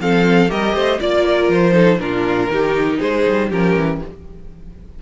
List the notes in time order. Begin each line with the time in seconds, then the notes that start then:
0.00 F3 C4 A4 F5
0.48 G3 G4 A#4 D#5
0.74 A3 C5
1.00 A#3 F4 D5
1.25 A#4
1.49 F3 C5
1.72 D#4 A4
1.99 A#2 D4 F4 A#4
2.48 D#3 D#4 G4
2.98 G#3 G#4 C5
3.27 G3
3.49 F3 C#4 G4 A#4
3.76 E3